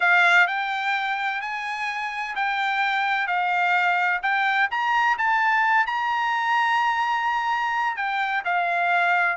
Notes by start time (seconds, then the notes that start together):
0.00 F5
0.47 G5
1.41 G#5
2.35 G5
3.27 F5
4.22 G5
4.70 A#5
5.18 A5
5.86 A#5
7.96 G5
8.45 F5